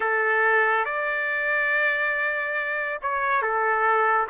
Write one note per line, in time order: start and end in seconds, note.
0.00 0.85 A4
0.85 2.99 D5
3.02 3.42 C#5
3.42 4.27 A4